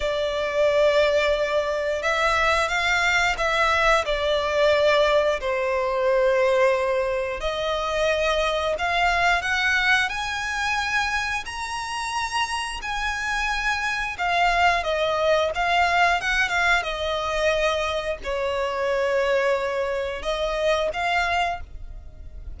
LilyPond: \new Staff \with { instrumentName = "violin" } { \time 4/4 \tempo 4 = 89 d''2. e''4 | f''4 e''4 d''2 | c''2. dis''4~ | dis''4 f''4 fis''4 gis''4~ |
gis''4 ais''2 gis''4~ | gis''4 f''4 dis''4 f''4 | fis''8 f''8 dis''2 cis''4~ | cis''2 dis''4 f''4 | }